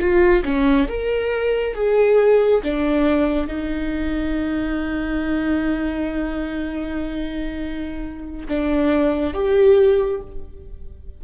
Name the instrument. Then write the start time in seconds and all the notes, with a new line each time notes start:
viola
0.00 F4
0.44 C#4
0.88 A#4
1.74 G#4
2.64 D4
3.47 D#4
8.48 D4
9.34 G4